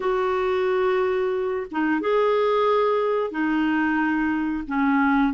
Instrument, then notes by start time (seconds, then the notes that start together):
clarinet
0.00 F#4
1.71 D#4
2.00 G#4
3.30 D#4
4.67 C#4